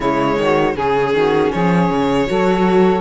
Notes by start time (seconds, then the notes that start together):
0.00 C#3 G#3 E4 C#5
0.37 D#3 F#4
0.74 C#3 C#4 G#4
1.13 D#3 F#4
1.52 F3 G#4 C#5
1.90 C#3
2.26 F#3 F#4 A4